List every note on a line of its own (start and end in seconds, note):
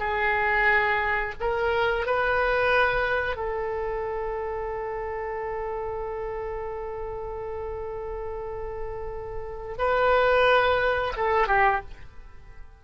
0.00 1.35 G#4
1.41 2.07 A#4
2.07 3.36 B4
3.36 9.77 A4
9.78 11.13 B4
11.17 11.48 A4
11.48 11.82 G4